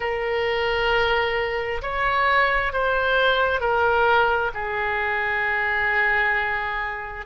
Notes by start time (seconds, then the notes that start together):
0.00 A#4
1.81 C#5
2.72 C5
3.60 A#4
4.54 G#4